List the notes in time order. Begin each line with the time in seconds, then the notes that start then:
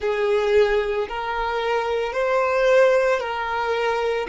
0.00 G#4
1.08 A#4
2.12 C5
3.19 A#4